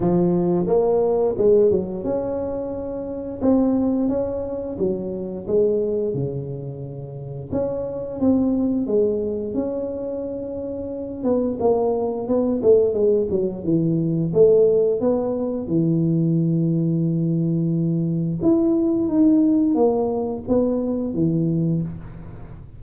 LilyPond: \new Staff \with { instrumentName = "tuba" } { \time 4/4 \tempo 4 = 88 f4 ais4 gis8 fis8 cis'4~ | cis'4 c'4 cis'4 fis4 | gis4 cis2 cis'4 | c'4 gis4 cis'2~ |
cis'8 b8 ais4 b8 a8 gis8 fis8 | e4 a4 b4 e4~ | e2. e'4 | dis'4 ais4 b4 e4 | }